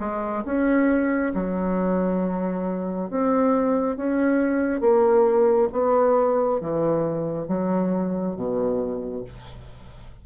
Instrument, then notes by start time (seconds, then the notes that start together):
bassoon
0.00 G#3
0.45 C#4
1.34 F#3
3.10 C4
3.97 C#4
4.81 A#3
5.72 B3
6.61 E3
7.48 F#3
8.36 B2